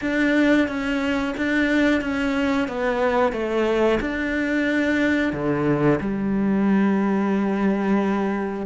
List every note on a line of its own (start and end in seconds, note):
0.01 0.68 D4
0.68 1.34 C#4
1.37 2.01 D4
2.01 2.68 C#4
2.68 3.32 B3
3.32 3.99 A3
4.00 5.32 D4
5.32 5.99 D3
6.00 8.65 G3